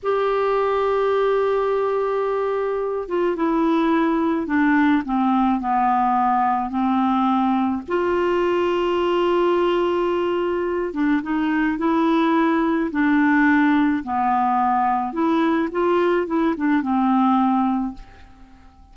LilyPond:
\new Staff \with { instrumentName = "clarinet" } { \time 4/4 \tempo 4 = 107 g'1~ | g'4. f'8 e'2 | d'4 c'4 b2 | c'2 f'2~ |
f'2.~ f'8 d'8 | dis'4 e'2 d'4~ | d'4 b2 e'4 | f'4 e'8 d'8 c'2 | }